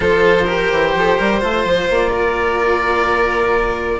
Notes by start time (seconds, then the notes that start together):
0.00 F3 F4 A4 C5
0.44 G4 A#4
0.72 E3
0.94 F3 A4
1.17 G3 A#4
1.39 A3 F4 C5
1.64 F3
1.90 A#3 D5
2.12 A#4